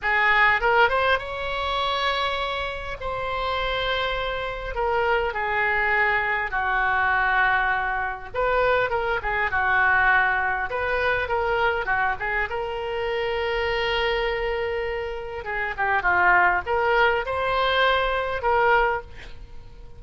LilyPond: \new Staff \with { instrumentName = "oboe" } { \time 4/4 \tempo 4 = 101 gis'4 ais'8 c''8 cis''2~ | cis''4 c''2. | ais'4 gis'2 fis'4~ | fis'2 b'4 ais'8 gis'8 |
fis'2 b'4 ais'4 | fis'8 gis'8 ais'2.~ | ais'2 gis'8 g'8 f'4 | ais'4 c''2 ais'4 | }